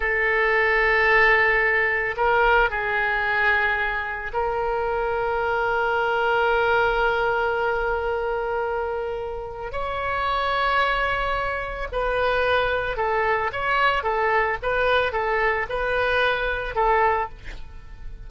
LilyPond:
\new Staff \with { instrumentName = "oboe" } { \time 4/4 \tempo 4 = 111 a'1 | ais'4 gis'2. | ais'1~ | ais'1~ |
ais'2 cis''2~ | cis''2 b'2 | a'4 cis''4 a'4 b'4 | a'4 b'2 a'4 | }